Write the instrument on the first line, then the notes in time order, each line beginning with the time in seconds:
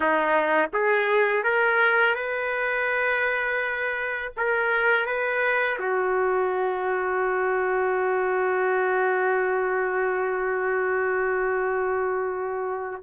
trumpet
0.00 D#4
0.73 G#4
1.43 A#4
2.15 B4
4.37 A#4
5.06 B4
5.79 F#4